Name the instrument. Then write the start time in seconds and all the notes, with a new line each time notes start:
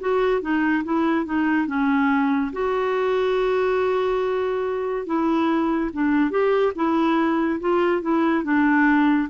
clarinet
0.00 F#4
0.41 D#4
0.84 E4
1.25 D#4
1.67 C#4
2.52 F#4
5.06 E4
5.93 D4
6.30 G4
6.75 E4
7.60 F4
8.02 E4
8.44 D4